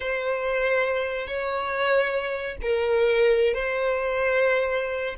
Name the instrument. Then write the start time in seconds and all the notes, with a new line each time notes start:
violin
0.00 C5
1.27 C#5
2.61 A#4
3.54 C5